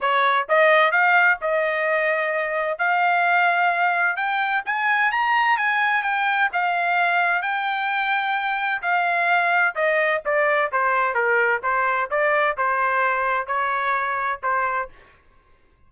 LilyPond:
\new Staff \with { instrumentName = "trumpet" } { \time 4/4 \tempo 4 = 129 cis''4 dis''4 f''4 dis''4~ | dis''2 f''2~ | f''4 g''4 gis''4 ais''4 | gis''4 g''4 f''2 |
g''2. f''4~ | f''4 dis''4 d''4 c''4 | ais'4 c''4 d''4 c''4~ | c''4 cis''2 c''4 | }